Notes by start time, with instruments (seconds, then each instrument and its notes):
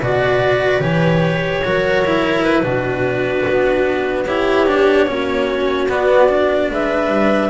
0.00 double bass B2, cello F#4, viola B4, clarinet D5
0.80 double bass E3, cello G4, clarinet C#5
1.64 double bass F#3, cello F#4, viola A#4
2.05 cello E4
2.43 clarinet B4
2.63 double bass B2, cello D4, viola F#4
3.47 double bass B3
4.27 cello E4, viola G4, clarinet C#5
4.67 cello D4
5.07 double bass A#3, cello C#4, viola F#4
5.89 cello B3, double bass B3, clarinet D5
6.29 cello D4
6.70 double bass G#3, viola B4, clarinet E5
7.08 double bass G3